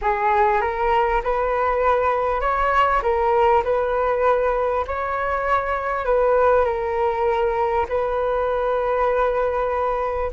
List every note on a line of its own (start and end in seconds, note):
0.01 0.61 G#4
0.61 1.21 A#4
1.23 2.40 B4
2.40 3.01 C#5
3.02 3.63 A#4
3.64 4.85 B4
4.87 6.05 C#5
6.05 6.64 B4
6.64 7.86 A#4
7.88 10.31 B4